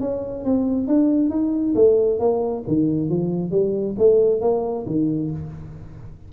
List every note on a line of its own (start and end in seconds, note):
0.00 0.44 C#4
0.45 0.87 C4
0.87 1.29 D4
1.29 1.74 D#4
1.75 2.19 A3
2.19 2.64 A#3
2.67 3.09 D#3
3.09 3.51 F3
3.51 3.95 G3
3.98 4.41 A3
4.41 4.85 A#3
4.86 5.31 D#3